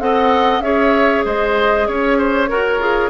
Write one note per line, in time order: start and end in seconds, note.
0.00 0.61 C4
0.00 0.62 A4
0.00 0.64 D#5
0.00 0.61 F#5
0.61 1.23 C#4
0.61 2.49 G#4
0.61 1.26 C#5
0.61 1.24 E5
1.25 1.88 G#3
1.25 1.88 C5
1.25 1.88 D#5
1.88 2.50 C#4
1.88 3.10 C#5
1.88 2.18 C#5
2.18 2.50 C5
2.49 2.79 F#4
2.49 2.80 A#4
2.49 3.10 A#4
2.79 3.10 F4
2.79 3.10 G#4